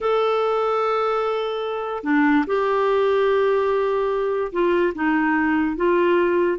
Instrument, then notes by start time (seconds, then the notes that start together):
clarinet
0.00 A4
2.03 D4
2.46 G4
4.52 F4
4.94 D#4
5.76 F4